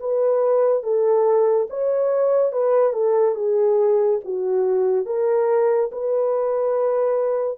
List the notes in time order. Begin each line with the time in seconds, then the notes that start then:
0.00 B4
0.83 A4
1.70 C#5
2.52 B4
2.93 A4
3.35 G#4
4.24 F#4
5.06 A#4
5.92 B4